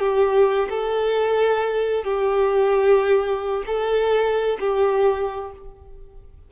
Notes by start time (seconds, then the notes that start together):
0.00 G4
0.70 A4
2.04 G4
3.66 A4
4.60 G4